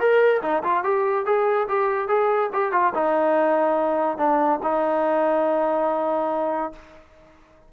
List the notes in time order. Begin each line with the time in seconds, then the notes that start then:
0.00 A#4
0.42 D#4
0.64 F4
0.84 G4
1.26 G#4
1.69 G4
2.08 G#4
2.53 G4
2.73 F4
2.95 D#4
4.18 D4
4.63 D#4